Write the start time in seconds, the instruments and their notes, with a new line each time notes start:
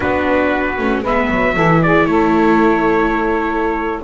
0.00 double bass B3, viola D4, saxophone F#4, trumpet B4
0.78 double bass A3, viola C#4
1.02 double bass G#3, viola B3, saxophone B4, trumpet E5
1.30 double bass F#3
1.55 double bass E3, viola E4, saxophone A4
1.82 saxophone G#4, trumpet D5
2.05 double bass A3, saxophone A4, trumpet C#5